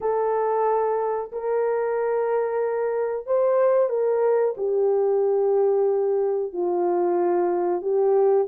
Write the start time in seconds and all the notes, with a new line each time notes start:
0.01 A4
1.32 A#4
3.26 C5
3.89 A#4
4.57 G4
6.52 F4
7.81 G4